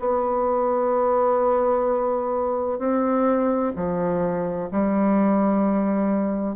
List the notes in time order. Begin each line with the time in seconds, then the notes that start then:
0.00 B3
2.79 C4
3.76 F3
4.71 G3